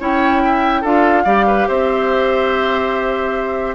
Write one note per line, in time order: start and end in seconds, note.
0.00 0.84 C#4
0.00 0.84 E4
0.00 0.42 C#5
0.00 0.85 G5
0.45 0.81 E5
0.81 1.26 D4
0.81 1.26 F4
0.81 1.23 A4
0.81 1.69 F5
1.25 1.68 G3
1.25 3.76 G4
1.25 1.46 D5
1.47 1.68 B4
1.68 3.76 C4
1.68 3.76 C5
1.68 3.76 E5